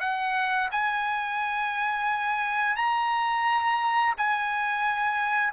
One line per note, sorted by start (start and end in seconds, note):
0.00 0.69 F#5
0.71 2.76 G#5
2.76 4.14 A#5
4.17 5.53 G#5